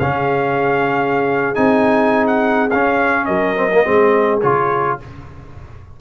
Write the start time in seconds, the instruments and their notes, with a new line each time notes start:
0.00 tuba C#3, trombone C#4, horn G#4, trumpet F5
1.55 tuba C4, trombone D#4, trumpet G#5
2.27 trumpet F#5
2.71 tuba C#4, trombone C#4, trumpet F5
3.26 tuba F#3, horn A#4, trumpet D#5
3.56 trombone C4
3.73 trombone A#3
3.85 tuba G#3, trombone C4, horn G#4
4.41 tuba C#3, trombone F4, trumpet C#5